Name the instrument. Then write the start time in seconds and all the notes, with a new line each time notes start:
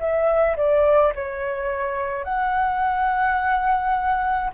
flute
0.00 E5
0.57 D5
1.15 C#5
2.24 F#5